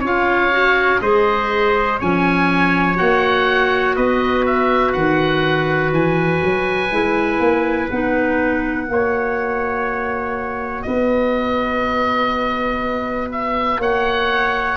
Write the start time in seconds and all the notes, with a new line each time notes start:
0.00 C#4 F4 C#5
0.06 F5
0.51 F#4
1.01 G#3 G#4 C5 D#5
1.99 F3 C#4 C#5 G#5
2.95 A#3 F#4 F#5
3.96 B3 B4 D#5
4.46 E5
4.92 D#3 F#5
5.91 E3 G#5
6.43 F#3
6.91 G#3 E4
7.39 A#3
7.91 B3 D#4 F#5
8.87 A#3 F#4 C#5
10.82 B3 B4 D#5
13.32 E5
13.78 A#3 C#5 F#5